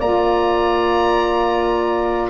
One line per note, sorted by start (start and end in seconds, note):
0.00 2.30 A#3
0.00 2.30 F4
0.00 2.30 D5
0.00 2.30 A#5